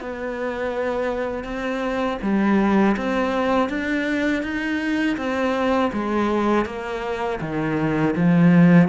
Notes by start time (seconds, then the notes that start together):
0.00 B3
1.44 C4
2.22 G3
2.97 C4
3.69 D4
4.42 D#4
5.17 C4
5.93 G#3
6.65 A#3
7.40 D#3
8.16 F3